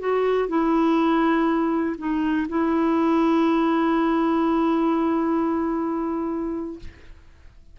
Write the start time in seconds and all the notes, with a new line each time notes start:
0.00 F#4
0.49 E4
1.98 D#4
2.49 E4